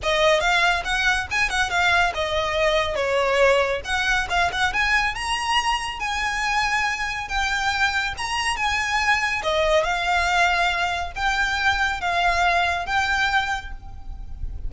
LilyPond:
\new Staff \with { instrumentName = "violin" } { \time 4/4 \tempo 4 = 140 dis''4 f''4 fis''4 gis''8 fis''8 | f''4 dis''2 cis''4~ | cis''4 fis''4 f''8 fis''8 gis''4 | ais''2 gis''2~ |
gis''4 g''2 ais''4 | gis''2 dis''4 f''4~ | f''2 g''2 | f''2 g''2 | }